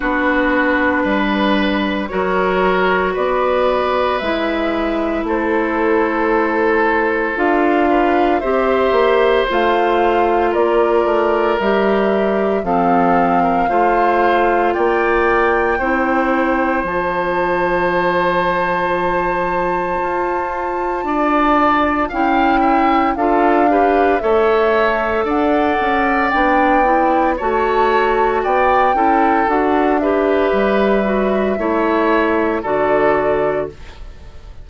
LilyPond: <<
  \new Staff \with { instrumentName = "flute" } { \time 4/4 \tempo 4 = 57 b'2 cis''4 d''4 | e''4 c''2 f''4 | e''4 f''4 d''4 e''4 | f''2 g''2 |
a''1~ | a''4 g''4 f''4 e''4 | fis''4 g''4 a''4 g''4 | fis''8 e''2~ e''8 d''4 | }
  \new Staff \with { instrumentName = "oboe" } { \time 4/4 fis'4 b'4 ais'4 b'4~ | b'4 a'2~ a'8 b'8 | c''2 ais'2 | a'8. ais'16 c''4 d''4 c''4~ |
c''1 | d''4 f''8 e''8 a'8 b'8 cis''4 | d''2 cis''4 d''8 a'8~ | a'8 b'4. cis''4 a'4 | }
  \new Staff \with { instrumentName = "clarinet" } { \time 4/4 d'2 fis'2 | e'2. f'4 | g'4 f'2 g'4 | c'4 f'2 e'4 |
f'1~ | f'4 e'4 f'8 g'8 a'4~ | a'4 d'8 e'8 fis'4. e'8 | fis'8 g'4 fis'8 e'4 fis'4 | }
  \new Staff \with { instrumentName = "bassoon" } { \time 4/4 b4 g4 fis4 b4 | gis4 a2 d'4 | c'8 ais8 a4 ais8 a8 g4 | f4 a4 ais4 c'4 |
f2. f'4 | d'4 cis'4 d'4 a4 | d'8 cis'8 b4 a4 b8 cis'8 | d'4 g4 a4 d4 | }
>>